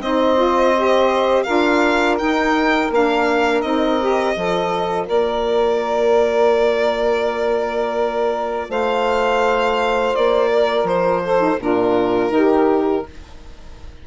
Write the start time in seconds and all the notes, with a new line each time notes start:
0.00 C4 D#4 C5 D#5
0.37 F4
0.77 G4
1.43 D4 F4 A#4 F5
2.18 D#4 G5
2.90 A#3 D4 F5
3.61 C4 D#4 D#5
4.01 G4
4.36 F3 F4 A4
5.06 A#3 A#4 D5
8.69 A3 C5 F5
10.15 A#3 D5
10.51 A#4
10.83 F3 C5
11.23 A4
11.38 D#4
11.59 A#2 D4 F4 A#4
12.30 D#3 D#4 G4